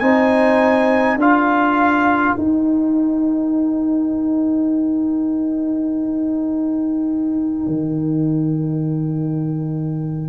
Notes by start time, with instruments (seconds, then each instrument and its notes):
0.00 tuba C4, trombone D#4, horn C5, trumpet G#5
1.17 tuba D4, trombone F4, horn A#4, trumpet F5
2.37 trombone D#4, tuba D#4, trumpet G5
7.67 tuba D#3